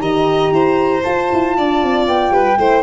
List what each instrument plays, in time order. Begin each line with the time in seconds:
0.00 tuba D#3, horn G4, violin D#5, flute A#5
0.53 tuba E4, violin C5
1.04 tuba F4, horn F4, flute A5
1.33 tuba E4
1.58 tuba D4, violin D5
1.84 tuba C4
2.08 tuba B3, flute G5
2.31 tuba G3, violin B4
2.58 tuba A3, horn E4, violin C5